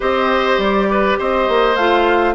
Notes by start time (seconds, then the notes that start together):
0.00 C4 G4 C5 D#5
0.58 G3 D5
0.91 B4
1.18 C4 C5 D#5
1.48 A#3
1.75 A3 F4 F5